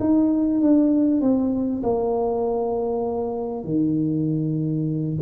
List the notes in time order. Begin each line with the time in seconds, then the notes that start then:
0.00 D#4
0.61 D4
1.21 C4
1.83 A#3
3.64 D#3